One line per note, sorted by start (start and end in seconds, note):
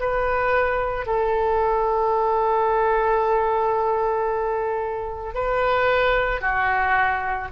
0.00 1.06 B4
1.06 5.34 A4
5.34 6.41 B4
6.41 7.49 F#4